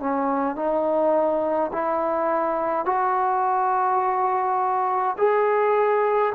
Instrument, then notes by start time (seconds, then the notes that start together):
trombone
0.00 C#4
0.56 D#4
1.73 E4
2.86 F#4
5.18 G#4